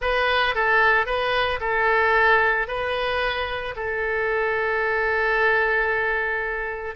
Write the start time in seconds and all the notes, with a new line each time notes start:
0.01 B4
0.55 A4
1.06 B4
1.60 A4
2.67 B4
3.76 A4